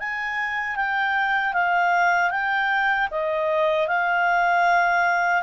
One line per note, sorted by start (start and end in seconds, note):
0.00 0.77 G#5
0.77 1.54 G5
1.54 2.31 F5
2.31 3.09 G5
3.11 3.88 D#5
3.88 5.43 F5